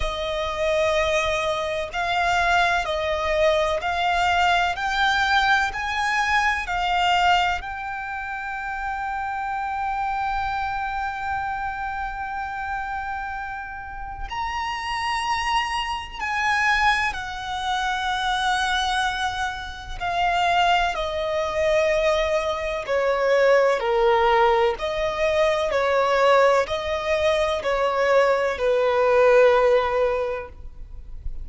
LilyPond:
\new Staff \with { instrumentName = "violin" } { \time 4/4 \tempo 4 = 63 dis''2 f''4 dis''4 | f''4 g''4 gis''4 f''4 | g''1~ | g''2. ais''4~ |
ais''4 gis''4 fis''2~ | fis''4 f''4 dis''2 | cis''4 ais'4 dis''4 cis''4 | dis''4 cis''4 b'2 | }